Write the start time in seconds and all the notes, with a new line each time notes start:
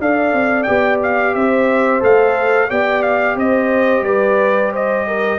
0.00 D4 A4 D5 F5
0.33 C4
0.64 B3 G4 G5
1.03 F5
1.35 C4 C5 E5
2.00 A3 A4 F5
2.68 B3 G4 D5 G5
3.03 F5
3.36 C4 C5 D#5
4.02 G3 B4 D5
4.73 C5 D#5
5.07 A#4